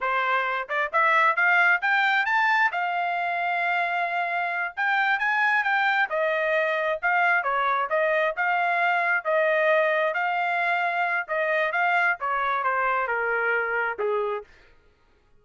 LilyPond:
\new Staff \with { instrumentName = "trumpet" } { \time 4/4 \tempo 4 = 133 c''4. d''8 e''4 f''4 | g''4 a''4 f''2~ | f''2~ f''8 g''4 gis''8~ | gis''8 g''4 dis''2 f''8~ |
f''8 cis''4 dis''4 f''4.~ | f''8 dis''2 f''4.~ | f''4 dis''4 f''4 cis''4 | c''4 ais'2 gis'4 | }